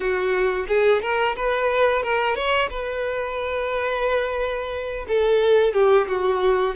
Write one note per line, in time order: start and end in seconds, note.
0.00 0.66 F#4
0.68 1.01 G#4
1.01 1.35 A#4
1.35 2.03 B4
2.03 2.35 A#4
2.35 2.69 C#5
2.70 5.06 B4
5.08 5.73 A4
5.73 6.07 G4
6.07 6.75 F#4